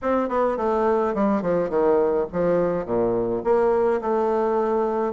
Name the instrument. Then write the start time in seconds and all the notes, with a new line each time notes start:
bassoon
0.02 C4
0.29 B3
0.57 A3
1.14 G3
1.41 F3
1.69 D#3
2.32 F3
2.85 A#2
3.43 A#3
4.01 A3